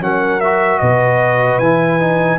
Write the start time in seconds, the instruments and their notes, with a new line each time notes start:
0.00 tuba F#3, trombone C#4, horn A#4, trumpet F#5
0.40 trombone F#4, trumpet E5
0.79 tuba B2, horn B4, trumpet D#5
1.59 tuba E3, trombone E4, trumpet G#5
2.00 trombone D#4